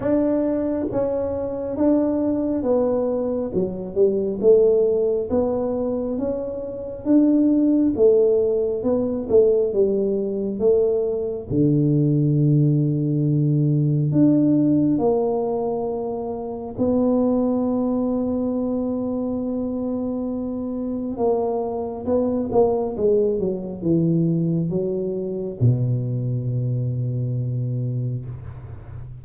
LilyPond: \new Staff \with { instrumentName = "tuba" } { \time 4/4 \tempo 4 = 68 d'4 cis'4 d'4 b4 | fis8 g8 a4 b4 cis'4 | d'4 a4 b8 a8 g4 | a4 d2. |
d'4 ais2 b4~ | b1 | ais4 b8 ais8 gis8 fis8 e4 | fis4 b,2. | }